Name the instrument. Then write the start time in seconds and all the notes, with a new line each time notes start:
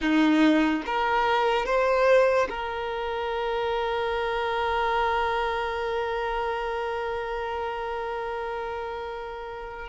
violin
0.01 D#4
0.86 A#4
1.65 C5
2.49 A#4